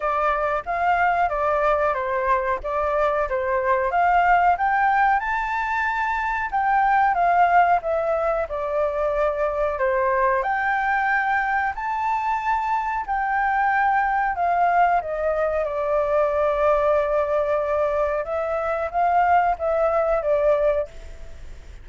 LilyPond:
\new Staff \with { instrumentName = "flute" } { \time 4/4 \tempo 4 = 92 d''4 f''4 d''4 c''4 | d''4 c''4 f''4 g''4 | a''2 g''4 f''4 | e''4 d''2 c''4 |
g''2 a''2 | g''2 f''4 dis''4 | d''1 | e''4 f''4 e''4 d''4 | }